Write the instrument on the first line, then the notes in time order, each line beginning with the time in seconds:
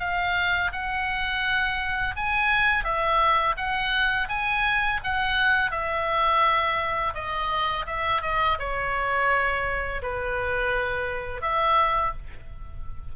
oboe
0.00 F5
0.72 F#5
2.16 G#5
2.84 E5
3.57 F#5
4.29 G#5
5.04 F#5
5.71 E5
7.15 D#5
7.86 E5
8.22 D#5
8.59 C#5
10.02 B4
11.42 E5